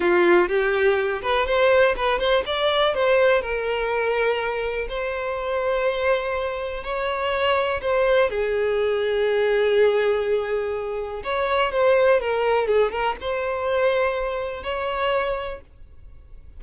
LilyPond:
\new Staff \with { instrumentName = "violin" } { \time 4/4 \tempo 4 = 123 f'4 g'4. b'8 c''4 | b'8 c''8 d''4 c''4 ais'4~ | ais'2 c''2~ | c''2 cis''2 |
c''4 gis'2.~ | gis'2. cis''4 | c''4 ais'4 gis'8 ais'8 c''4~ | c''2 cis''2 | }